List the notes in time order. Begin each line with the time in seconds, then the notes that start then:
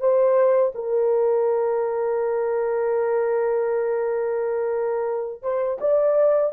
0.00 C5
0.75 A#4
5.42 C5
5.80 D5